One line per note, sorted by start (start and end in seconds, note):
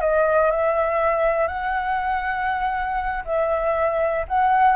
0.00 0.50 D#5
0.50 1.47 E5
1.47 3.24 F#5
3.24 4.25 E5
4.28 4.76 F#5